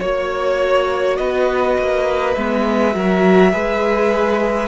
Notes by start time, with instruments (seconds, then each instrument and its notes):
0.00 cello A#3, viola F#4, violin C#5
1.17 cello B3, violin B4 D#5
1.78 cello A#3
2.34 cello G#3, viola B3, violin E5
2.92 cello F#3, viola F#4, violin A#4
3.52 cello G#3, viola G#4, violin B4